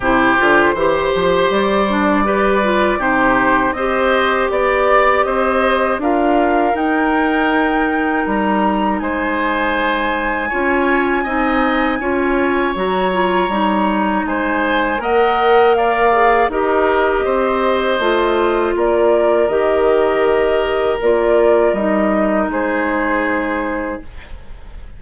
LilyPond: <<
  \new Staff \with { instrumentName = "flute" } { \time 4/4 \tempo 4 = 80 c''2 d''2 | c''4 dis''4 d''4 dis''4 | f''4 g''2 ais''4 | gis''1~ |
gis''4 ais''2 gis''4 | fis''4 f''4 dis''2~ | dis''4 d''4 dis''2 | d''4 dis''4 c''2 | }
  \new Staff \with { instrumentName = "oboe" } { \time 4/4 g'4 c''2 b'4 | g'4 c''4 d''4 c''4 | ais'1 | c''2 cis''4 dis''4 |
cis''2. c''4 | dis''4 d''4 ais'4 c''4~ | c''4 ais'2.~ | ais'2 gis'2 | }
  \new Staff \with { instrumentName = "clarinet" } { \time 4/4 e'8 f'8 g'4. d'8 g'8 f'8 | dis'4 g'2. | f'4 dis'2.~ | dis'2 f'4 dis'4 |
f'4 fis'8 f'8 dis'2 | ais'4. gis'8 g'2 | f'2 g'2 | f'4 dis'2. | }
  \new Staff \with { instrumentName = "bassoon" } { \time 4/4 c8 d8 e8 f8 g2 | c4 c'4 b4 c'4 | d'4 dis'2 g4 | gis2 cis'4 c'4 |
cis'4 fis4 g4 gis4 | ais2 dis'4 c'4 | a4 ais4 dis2 | ais4 g4 gis2 | }
>>